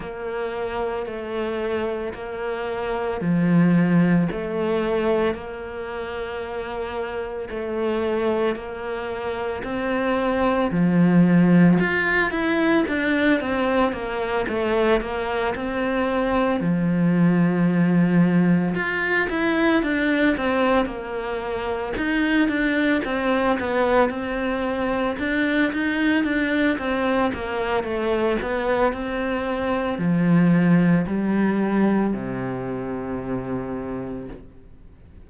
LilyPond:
\new Staff \with { instrumentName = "cello" } { \time 4/4 \tempo 4 = 56 ais4 a4 ais4 f4 | a4 ais2 a4 | ais4 c'4 f4 f'8 e'8 | d'8 c'8 ais8 a8 ais8 c'4 f8~ |
f4. f'8 e'8 d'8 c'8 ais8~ | ais8 dis'8 d'8 c'8 b8 c'4 d'8 | dis'8 d'8 c'8 ais8 a8 b8 c'4 | f4 g4 c2 | }